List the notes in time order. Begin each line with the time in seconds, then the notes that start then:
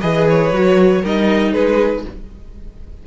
0.00 E3 G#4 B4 D#5
0.29 C#5
0.52 F#3 F#4
1.01 G3 D#4 A#4 D#5
1.52 G#3 G#4 B4